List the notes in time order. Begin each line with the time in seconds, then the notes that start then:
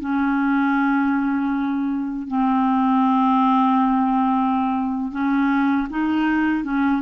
0.00 C#4
2.28 C4
5.12 C#4
5.90 D#4
6.64 C#4